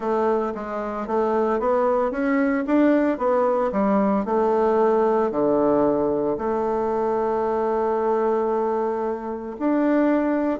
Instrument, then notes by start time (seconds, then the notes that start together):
bassoon
0.00 A3
0.54 G#3
1.07 A3
1.59 B3
2.11 C#4
2.66 D4
3.18 B3
3.72 G3
4.25 A3
5.31 D3
6.37 A3
9.59 D4